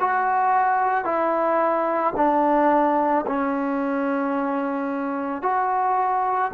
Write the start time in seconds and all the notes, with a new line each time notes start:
0.00 F#4
1.04 E4
2.16 D4
3.27 C#4
5.42 F#4